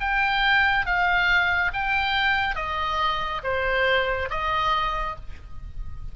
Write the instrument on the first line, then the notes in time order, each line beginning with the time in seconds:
oboe
0.00 G5
0.86 F5
1.73 G5
2.56 D#5
3.43 C5
4.30 D#5